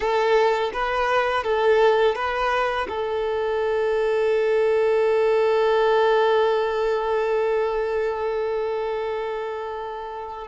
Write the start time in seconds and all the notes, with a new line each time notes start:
0.00 A4
0.73 B4
1.43 A4
2.15 B4
2.88 A4